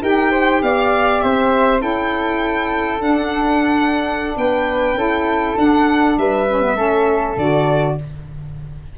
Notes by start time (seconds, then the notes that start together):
0.00 D#4 G4 A#4 G5
0.31 C5
0.62 B3 D5 F5
1.20 C4 C5 E5
1.78 C#4 E4 A4 G5
3.00 D4 F#5
4.36 B3 B4 G5
4.94 C#4 E4 A4
5.56 D4 F#5
6.17 G3 B4 E5
6.48 C#4
6.61 B3
6.75 A3 C#4 A4
7.36 D3 F#4 D5